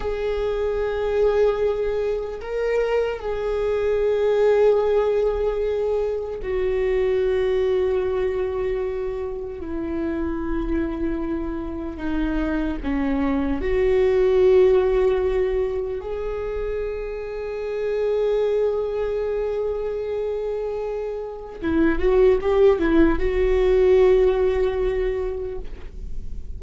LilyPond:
\new Staff \with { instrumentName = "viola" } { \time 4/4 \tempo 4 = 75 gis'2. ais'4 | gis'1 | fis'1 | e'2. dis'4 |
cis'4 fis'2. | gis'1~ | gis'2. e'8 fis'8 | g'8 e'8 fis'2. | }